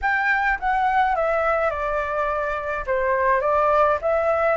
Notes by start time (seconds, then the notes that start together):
0.01 G5
0.59 F#5
1.15 E5
1.70 D5
2.86 C5
3.41 D5
4.01 E5